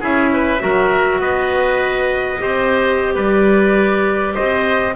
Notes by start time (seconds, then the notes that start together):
0.00 C#4 E4 G#4 E5
0.33 B4
0.59 F#3 F#4 A#4
1.19 B3 B4 D#5
2.38 C4 G4 C5
3.14 G3 B4 D5
4.34 C4 C5 D#5